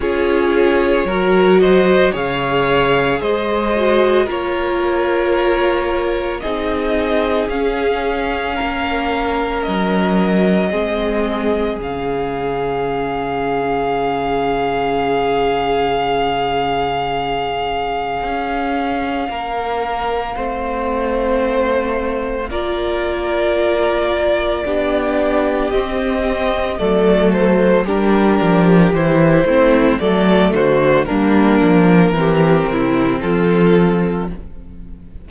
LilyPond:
<<
  \new Staff \with { instrumentName = "violin" } { \time 4/4 \tempo 4 = 56 cis''4. dis''8 f''4 dis''4 | cis''2 dis''4 f''4~ | f''4 dis''2 f''4~ | f''1~ |
f''1~ | f''4 d''2. | dis''4 d''8 c''8 ais'4 c''4 | d''8 c''8 ais'2 a'4 | }
  \new Staff \with { instrumentName = "violin" } { \time 4/4 gis'4 ais'8 c''8 cis''4 c''4 | ais'2 gis'2 | ais'2 gis'2~ | gis'1~ |
gis'2 ais'4 c''4~ | c''4 ais'2 g'4~ | g'4 a'4 g'4. e'8 | a'8 fis'8 d'4 g'8 e'8 f'4 | }
  \new Staff \with { instrumentName = "viola" } { \time 4/4 f'4 fis'4 gis'4. fis'8 | f'2 dis'4 cis'4~ | cis'2 c'4 cis'4~ | cis'1~ |
cis'2. c'4~ | c'4 f'2 d'4 | c'4 a4 d'4 e'8 c'8 | a4 ais4 c'2 | }
  \new Staff \with { instrumentName = "cello" } { \time 4/4 cis'4 fis4 cis4 gis4 | ais2 c'4 cis'4 | ais4 fis4 gis4 cis4~ | cis1~ |
cis4 cis'4 ais4 a4~ | a4 ais2 b4 | c'4 fis4 g8 f8 e8 a8 | fis8 d8 g8 f8 e8 c8 f4 | }
>>